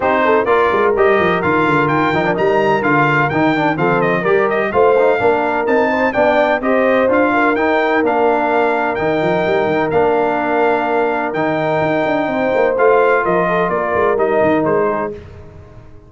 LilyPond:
<<
  \new Staff \with { instrumentName = "trumpet" } { \time 4/4 \tempo 4 = 127 c''4 d''4 dis''4 f''4 | g''4 ais''4 f''4 g''4 | f''8 dis''8 d''8 dis''8 f''2 | a''4 g''4 dis''4 f''4 |
g''4 f''2 g''4~ | g''4 f''2. | g''2. f''4 | dis''4 d''4 dis''4 c''4 | }
  \new Staff \with { instrumentName = "horn" } { \time 4/4 g'8 a'8 ais'2.~ | ais'1 | a'4 ais'4 c''4 ais'4~ | ais'8 c''8 d''4 c''4. ais'8~ |
ais'1~ | ais'1~ | ais'2 c''2 | ais'8 a'8 ais'2~ ais'8 gis'8 | }
  \new Staff \with { instrumentName = "trombone" } { \time 4/4 dis'4 f'4 g'4 f'4~ | f'8 dis'16 d'16 dis'4 f'4 dis'8 d'8 | c'4 g'4 f'8 dis'8 d'4 | dis'4 d'4 g'4 f'4 |
dis'4 d'2 dis'4~ | dis'4 d'2. | dis'2. f'4~ | f'2 dis'2 | }
  \new Staff \with { instrumentName = "tuba" } { \time 4/4 c'4 ais8 gis8 g8 f8 dis8 d8 | dis8 f8 g4 d4 dis4 | f4 g4 a4 ais4 | c'4 b4 c'4 d'4 |
dis'4 ais2 dis8 f8 | g8 dis8 ais2. | dis4 dis'8 d'8 c'8 ais8 a4 | f4 ais8 gis8 g8 dis8 gis4 | }
>>